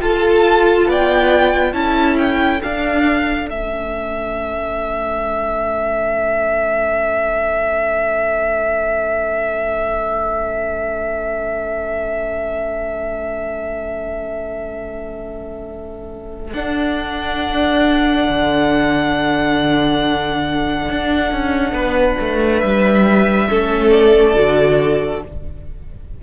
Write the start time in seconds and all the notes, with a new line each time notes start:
0.00 F4 A4 A5
0.86 B3 D5 G5
1.73 C#4 E4 A4 A5
2.18 G5
2.62 D4 F5
3.46 A3 C#4 E5
16.52 D4 F#5
18.29 D3
20.89 D4
21.32 C#4
21.72 B3 B4
22.20 A3
22.60 G3 E5
23.48 A3 C#4 A4
23.91 D5
24.35 D3 F#4